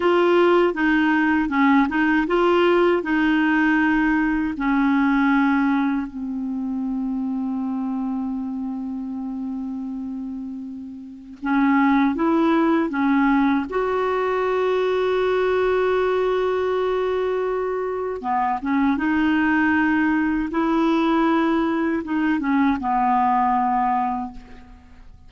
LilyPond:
\new Staff \with { instrumentName = "clarinet" } { \time 4/4 \tempo 4 = 79 f'4 dis'4 cis'8 dis'8 f'4 | dis'2 cis'2 | c'1~ | c'2. cis'4 |
e'4 cis'4 fis'2~ | fis'1 | b8 cis'8 dis'2 e'4~ | e'4 dis'8 cis'8 b2 | }